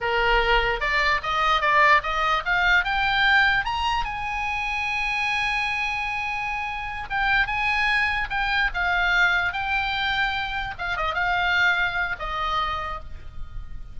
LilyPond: \new Staff \with { instrumentName = "oboe" } { \time 4/4 \tempo 4 = 148 ais'2 d''4 dis''4 | d''4 dis''4 f''4 g''4~ | g''4 ais''4 gis''2~ | gis''1~ |
gis''4. g''4 gis''4.~ | gis''8 g''4 f''2 g''8~ | g''2~ g''8 f''8 dis''8 f''8~ | f''2 dis''2 | }